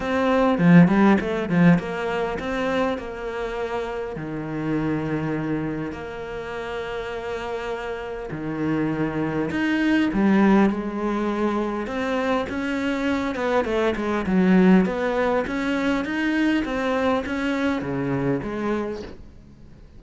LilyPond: \new Staff \with { instrumentName = "cello" } { \time 4/4 \tempo 4 = 101 c'4 f8 g8 a8 f8 ais4 | c'4 ais2 dis4~ | dis2 ais2~ | ais2 dis2 |
dis'4 g4 gis2 | c'4 cis'4. b8 a8 gis8 | fis4 b4 cis'4 dis'4 | c'4 cis'4 cis4 gis4 | }